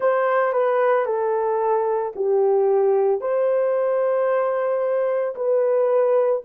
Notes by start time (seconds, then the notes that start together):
0.00 C5
0.53 B4
1.05 A4
2.15 G4
3.20 C5
5.35 B4